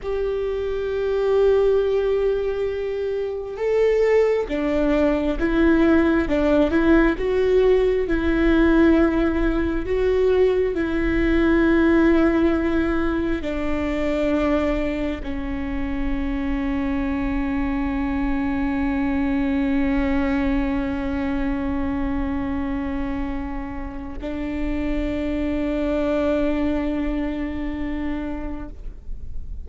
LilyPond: \new Staff \with { instrumentName = "viola" } { \time 4/4 \tempo 4 = 67 g'1 | a'4 d'4 e'4 d'8 e'8 | fis'4 e'2 fis'4 | e'2. d'4~ |
d'4 cis'2.~ | cis'1~ | cis'2. d'4~ | d'1 | }